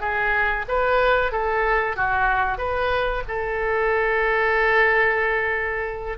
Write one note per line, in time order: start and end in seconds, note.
0.00 0.65 G#4
0.68 1.32 B4
1.32 1.96 A4
1.96 2.58 F#4
2.58 3.23 B4
3.28 6.18 A4